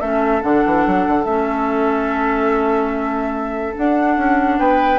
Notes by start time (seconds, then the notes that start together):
0.00 A3 C#4 A4 E5
0.42 D3 D4 F#5
0.65 E3
0.86 F#3
1.07 D3
1.24 A3 C#4 E5
3.75 D4 F#5
4.17 C#4
4.58 B3 B4 G5